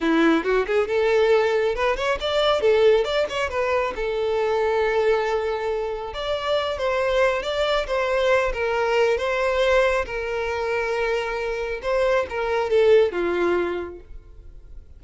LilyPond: \new Staff \with { instrumentName = "violin" } { \time 4/4 \tempo 4 = 137 e'4 fis'8 gis'8 a'2 | b'8 cis''8 d''4 a'4 d''8 cis''8 | b'4 a'2.~ | a'2 d''4. c''8~ |
c''4 d''4 c''4. ais'8~ | ais'4 c''2 ais'4~ | ais'2. c''4 | ais'4 a'4 f'2 | }